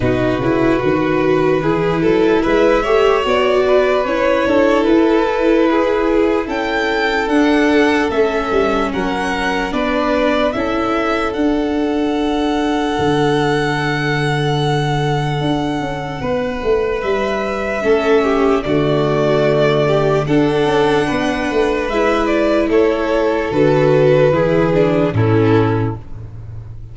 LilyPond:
<<
  \new Staff \with { instrumentName = "violin" } { \time 4/4 \tempo 4 = 74 b'2. e''4 | d''4 cis''4 b'2 | g''4 fis''4 e''4 fis''4 | d''4 e''4 fis''2~ |
fis''1~ | fis''4 e''2 d''4~ | d''4 fis''2 e''8 d''8 | cis''4 b'2 a'4 | }
  \new Staff \with { instrumentName = "violin" } { \time 4/4 fis'2 gis'8 a'8 b'8 cis''8~ | cis''8 b'4 a'4. gis'4 | a'2. ais'4 | b'4 a'2.~ |
a'1 | b'2 a'8 g'8 fis'4~ | fis'8 g'8 a'4 b'2 | a'2 gis'4 e'4 | }
  \new Staff \with { instrumentName = "viola" } { \time 4/4 dis'8 e'8 fis'4 e'4. g'8 | fis'4 e'2.~ | e'4 d'4 cis'2 | d'4 e'4 d'2~ |
d'1~ | d'2 cis'4 a4~ | a4 d'2 e'4~ | e'4 fis'4 e'8 d'8 cis'4 | }
  \new Staff \with { instrumentName = "tuba" } { \time 4/4 b,8 cis8 dis4 e8 fis8 gis8 a8 | b4 cis'8 d'8 e'2 | cis'4 d'4 a8 g8 fis4 | b4 cis'4 d'2 |
d2. d'8 cis'8 | b8 a8 g4 a4 d4~ | d4 d'8 cis'8 b8 a8 gis4 | a4 d4 e4 a,4 | }
>>